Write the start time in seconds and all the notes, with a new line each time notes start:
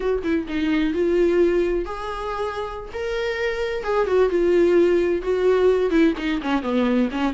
0.00 F#4
0.23 E4
0.48 D#4
0.93 F4
1.85 G#4
2.93 A#4
3.83 G#4
4.06 F#4
4.29 F4
5.22 F#4
5.90 E4
6.17 D#4
6.42 C#4
6.62 B3
7.11 C#4